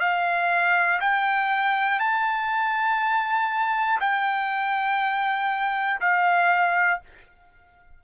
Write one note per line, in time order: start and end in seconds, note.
0.00 1.00 F5
1.01 2.00 G5
2.00 4.00 A5
4.01 6.01 G5
6.01 7.01 F5